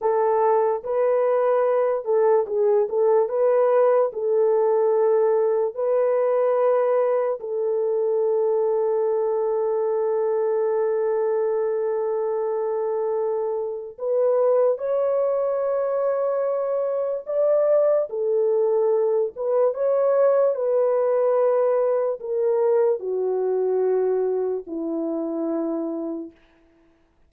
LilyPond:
\new Staff \with { instrumentName = "horn" } { \time 4/4 \tempo 4 = 73 a'4 b'4. a'8 gis'8 a'8 | b'4 a'2 b'4~ | b'4 a'2.~ | a'1~ |
a'4 b'4 cis''2~ | cis''4 d''4 a'4. b'8 | cis''4 b'2 ais'4 | fis'2 e'2 | }